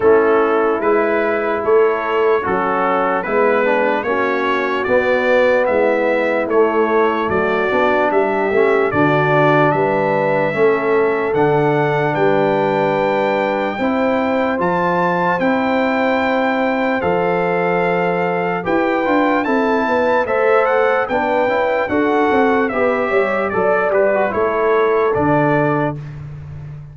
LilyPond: <<
  \new Staff \with { instrumentName = "trumpet" } { \time 4/4 \tempo 4 = 74 a'4 b'4 cis''4 a'4 | b'4 cis''4 d''4 e''4 | cis''4 d''4 e''4 d''4 | e''2 fis''4 g''4~ |
g''2 a''4 g''4~ | g''4 f''2 g''4 | a''4 e''8 fis''8 g''4 fis''4 | e''4 d''8 b'8 cis''4 d''4 | }
  \new Staff \with { instrumentName = "horn" } { \time 4/4 e'2 a'4 cis'4 | b4 fis'2 e'4~ | e'4 fis'4 g'4 fis'4 | b'4 a'2 b'4~ |
b'4 c''2.~ | c''2. b'4 | a'8 b'8 c''4 b'4 a'4 | b'8 cis''8 d''4 a'2 | }
  \new Staff \with { instrumentName = "trombone" } { \time 4/4 cis'4 e'2 fis'4 | e'8 d'8 cis'4 b2 | a4. d'4 cis'8 d'4~ | d'4 cis'4 d'2~ |
d'4 e'4 f'4 e'4~ | e'4 a'2 g'8 f'8 | e'4 a'4 d'8 e'8 fis'4 | g'4 a'8 g'16 fis'16 e'4 d'4 | }
  \new Staff \with { instrumentName = "tuba" } { \time 4/4 a4 gis4 a4 fis4 | gis4 ais4 b4 gis4 | a4 fis8 b8 g8 a8 d4 | g4 a4 d4 g4~ |
g4 c'4 f4 c'4~ | c'4 f2 e'8 d'8 | c'8 b8 a4 b8 cis'8 d'8 c'8 | b8 g8 fis8 g8 a4 d4 | }
>>